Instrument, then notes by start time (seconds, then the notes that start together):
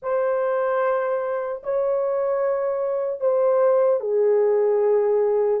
horn
0.02 C5
1.63 C#5
3.20 C5
4.00 G#4